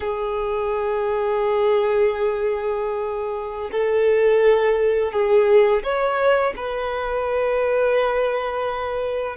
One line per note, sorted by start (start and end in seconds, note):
0.00 3.70 G#4
3.71 5.12 A4
5.12 5.82 G#4
5.83 6.53 C#5
6.56 9.36 B4